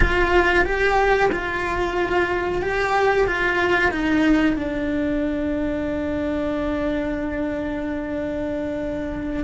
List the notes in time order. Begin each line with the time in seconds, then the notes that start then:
0.00 F4
0.64 G4
1.32 F4
2.61 G4
3.27 F4
3.91 D#4
4.56 D4